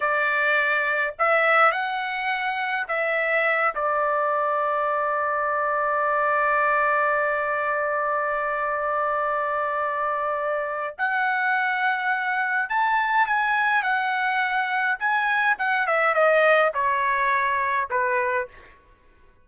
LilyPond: \new Staff \with { instrumentName = "trumpet" } { \time 4/4 \tempo 4 = 104 d''2 e''4 fis''4~ | fis''4 e''4. d''4.~ | d''1~ | d''1~ |
d''2. fis''4~ | fis''2 a''4 gis''4 | fis''2 gis''4 fis''8 e''8 | dis''4 cis''2 b'4 | }